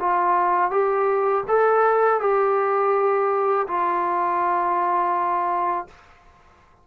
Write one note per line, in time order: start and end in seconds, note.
0.00 0.71 F4
0.71 1.44 G4
1.48 2.20 A4
2.20 3.67 G4
3.68 5.87 F4